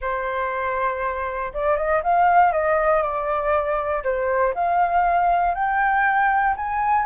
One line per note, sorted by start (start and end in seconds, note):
0.01 1.52 C5
1.53 1.76 D5
1.76 2.01 D#5
2.03 2.52 F5
2.52 3.02 D#5
3.02 4.03 D5
4.03 4.54 C5
4.54 5.54 F5
5.54 6.55 G5
6.56 7.05 G#5